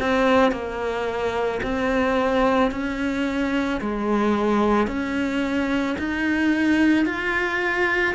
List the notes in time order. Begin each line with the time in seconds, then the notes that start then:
0.00 C4
0.52 A#3
1.63 C4
2.72 C#4
3.81 G#3
4.87 C#4
5.99 D#4
7.06 F4